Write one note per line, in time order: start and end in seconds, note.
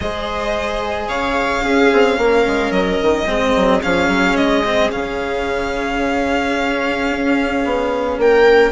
0.00 1.08 G#3
0.00 1.61 G#4
0.00 1.08 C5
0.00 1.08 D#5
1.08 1.62 C#3
1.08 1.62 C#5
1.08 2.71 F5
1.61 3.24 C#4
1.61 1.90 C#4
1.61 2.16 G#4
1.92 2.18 C4
2.18 2.45 A#3
2.18 3.27 A#4
2.47 2.70 G#3
2.70 2.98 F#3
2.70 3.80 D#5
3.01 3.26 D#3
3.26 3.53 G#3
3.26 3.81 C4
3.26 8.18 G#4
3.56 3.83 F#3
3.82 4.07 F3
3.82 4.64 C#4
3.82 4.36 F5
4.07 4.35 F#3
4.35 4.90 G#3
4.35 4.90 D#5
4.64 4.91 C4
4.91 7.09 C#3
4.91 8.71 C#4
4.91 8.18 F5
7.09 7.63 C#4
7.65 8.17 B3
8.17 8.71 A#3
8.17 8.71 A#4
8.17 8.71 G5